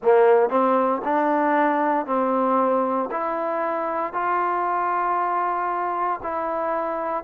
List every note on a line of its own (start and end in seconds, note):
0.02 0.49 A#3
0.49 1.01 C4
1.04 2.05 D4
2.05 3.09 C4
3.11 4.13 E4
4.13 6.20 F4
6.23 7.23 E4